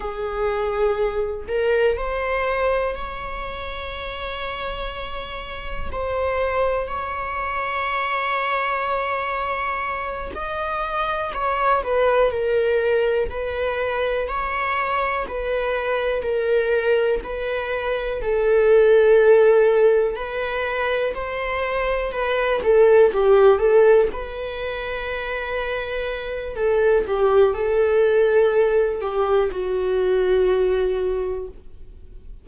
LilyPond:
\new Staff \with { instrumentName = "viola" } { \time 4/4 \tempo 4 = 61 gis'4. ais'8 c''4 cis''4~ | cis''2 c''4 cis''4~ | cis''2~ cis''8 dis''4 cis''8 | b'8 ais'4 b'4 cis''4 b'8~ |
b'8 ais'4 b'4 a'4.~ | a'8 b'4 c''4 b'8 a'8 g'8 | a'8 b'2~ b'8 a'8 g'8 | a'4. g'8 fis'2 | }